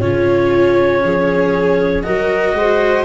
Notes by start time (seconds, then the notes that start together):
0.00 C#3 C#4 F4 C#5
1.03 F3 G#4
2.03 F#3 F#4 A#4 D#5
2.53 G#3 C5